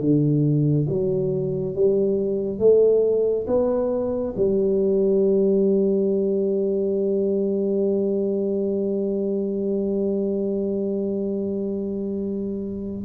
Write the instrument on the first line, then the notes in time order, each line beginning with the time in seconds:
tuba
0.00 D3
0.89 F#3
1.75 G3
2.59 A3
3.47 B3
4.37 G3